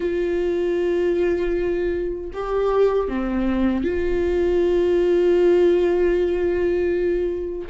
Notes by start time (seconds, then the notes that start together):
0.00 F4
2.33 G4
3.08 C4
3.84 F4